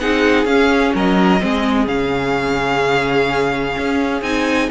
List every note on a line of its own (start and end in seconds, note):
0.00 0.45 C4
0.00 0.47 D#4
0.00 0.95 G#4
0.00 0.46 F#5
0.45 0.93 C#4
0.45 1.40 C#4
0.45 0.94 F5
0.95 1.42 F#3
0.95 1.43 A#4
0.95 1.88 D#5
1.40 1.88 G#3
1.40 1.87 C4
1.40 4.71 G#4
1.88 3.77 C#3
1.88 4.24 C#4
1.88 4.23 F5
3.78 4.22 C#4
4.22 4.69 C4
4.22 4.71 D#4
4.22 4.70 G#5